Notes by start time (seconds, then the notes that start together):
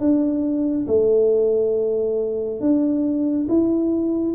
0.00 D4
0.87 A3
2.60 D4
3.49 E4